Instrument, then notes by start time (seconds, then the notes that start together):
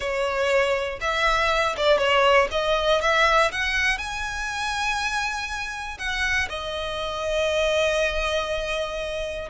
violin
0.00 C#5
1.00 E5
1.76 D5
1.98 C#5
2.51 D#5
3.01 E5
3.51 F#5
3.97 G#5
5.98 F#5
6.49 D#5